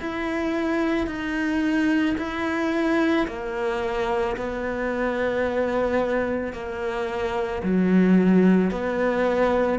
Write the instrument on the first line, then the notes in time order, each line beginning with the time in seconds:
cello
0.00 E4
1.07 D#4
2.18 E4
3.27 A#3
4.36 B3
6.53 A#3
7.63 F#3
8.71 B3